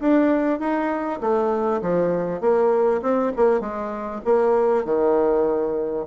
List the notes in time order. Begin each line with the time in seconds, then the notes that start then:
0.00 D4
0.60 D#4
1.21 A3
1.82 F3
2.40 A#3
3.02 C4
3.36 A#3
3.60 G#3
4.25 A#3
4.85 D#3